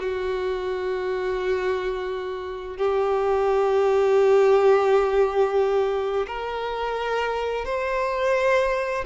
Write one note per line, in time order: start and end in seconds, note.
0.00 2.78 F#4
2.78 6.27 G4
6.28 7.66 A#4
7.66 9.05 C5